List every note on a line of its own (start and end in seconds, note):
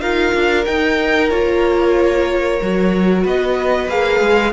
0.00 0.33 D#4
0.00 0.65 F4
0.00 3.22 A#4
0.00 0.65 F5
0.34 0.66 D4
0.65 1.31 D#4
0.65 1.29 G5
1.29 2.60 A#3
1.29 2.60 F4
1.29 3.23 C#5
2.60 3.25 F#3
2.60 3.90 F#4
3.22 3.88 B3
3.22 4.51 B4
3.22 3.89 D#5
3.88 4.20 A#3
3.88 4.52 G#4
3.88 4.52 F5
4.20 4.52 G#3